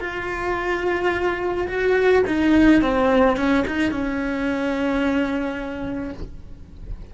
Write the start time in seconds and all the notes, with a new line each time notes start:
0.00 F4
1.67 F#4
2.27 D#4
2.81 C4
3.36 C#4
3.67 D#4
3.91 C#4